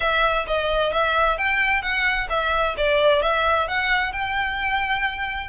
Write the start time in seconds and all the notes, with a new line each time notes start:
0.00 E5
0.47 D#5
0.92 E5
1.38 G5
1.82 F#5
2.29 E5
2.77 D5
3.22 E5
3.67 F#5
4.12 G5